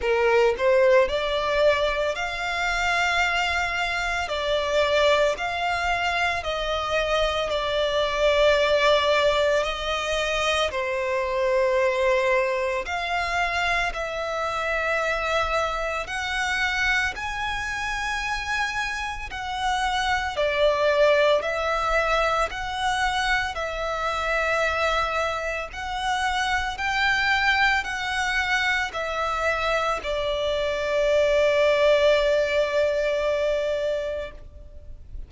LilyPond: \new Staff \with { instrumentName = "violin" } { \time 4/4 \tempo 4 = 56 ais'8 c''8 d''4 f''2 | d''4 f''4 dis''4 d''4~ | d''4 dis''4 c''2 | f''4 e''2 fis''4 |
gis''2 fis''4 d''4 | e''4 fis''4 e''2 | fis''4 g''4 fis''4 e''4 | d''1 | }